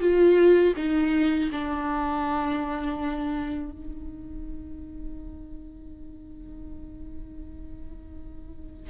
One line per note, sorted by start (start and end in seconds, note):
0.00 0.74 F4
0.76 1.51 D#4
1.52 3.72 D4
3.72 8.90 D#4